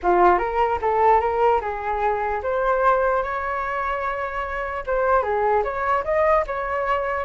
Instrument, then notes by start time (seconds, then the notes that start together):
flute
0.03 F4
0.38 A#4
0.81 A4
1.20 A#4
1.61 G#4
2.42 C5
3.23 C#5
4.86 C5
5.22 G#4
5.63 C#5
6.04 D#5
6.46 C#5